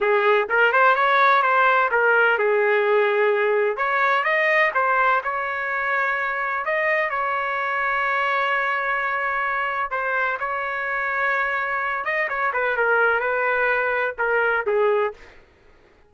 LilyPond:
\new Staff \with { instrumentName = "trumpet" } { \time 4/4 \tempo 4 = 127 gis'4 ais'8 c''8 cis''4 c''4 | ais'4 gis'2. | cis''4 dis''4 c''4 cis''4~ | cis''2 dis''4 cis''4~ |
cis''1~ | cis''4 c''4 cis''2~ | cis''4. dis''8 cis''8 b'8 ais'4 | b'2 ais'4 gis'4 | }